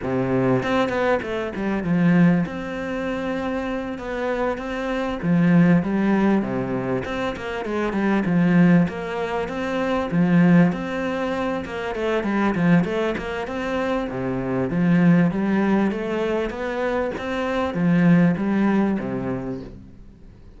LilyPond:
\new Staff \with { instrumentName = "cello" } { \time 4/4 \tempo 4 = 98 c4 c'8 b8 a8 g8 f4 | c'2~ c'8 b4 c'8~ | c'8 f4 g4 c4 c'8 | ais8 gis8 g8 f4 ais4 c'8~ |
c'8 f4 c'4. ais8 a8 | g8 f8 a8 ais8 c'4 c4 | f4 g4 a4 b4 | c'4 f4 g4 c4 | }